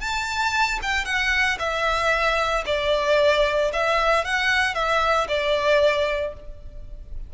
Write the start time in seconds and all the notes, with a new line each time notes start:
0.00 A5
0.82 G5
1.05 F#5
1.59 E5
2.66 D5
3.73 E5
4.24 F#5
4.74 E5
5.28 D5